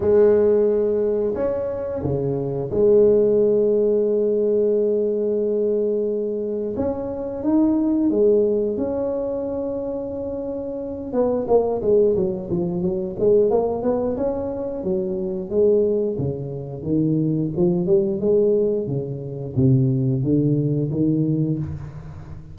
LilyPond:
\new Staff \with { instrumentName = "tuba" } { \time 4/4 \tempo 4 = 89 gis2 cis'4 cis4 | gis1~ | gis2 cis'4 dis'4 | gis4 cis'2.~ |
cis'8 b8 ais8 gis8 fis8 f8 fis8 gis8 | ais8 b8 cis'4 fis4 gis4 | cis4 dis4 f8 g8 gis4 | cis4 c4 d4 dis4 | }